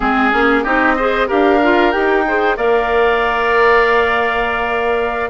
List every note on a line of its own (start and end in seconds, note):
0.00 0.33 G#3
0.00 0.31 C4
0.00 0.63 G#4
0.00 0.64 G#4
0.31 0.65 A#3
0.31 0.64 C#4
0.63 1.30 C4
0.63 0.97 D#4
0.63 0.95 G4
0.63 1.28 D#5
0.95 1.27 G#4
0.95 1.27 C5
1.27 1.95 D4
1.27 1.59 G4
1.27 2.24 A#4
1.27 1.91 F5
1.62 1.92 F4
1.91 2.57 D#4
1.91 2.24 G4
1.91 2.56 G5
2.27 2.56 G#4
2.27 2.56 C5
2.56 5.30 A#3
2.56 5.30 A#4
2.56 5.30 D5
2.56 5.30 F5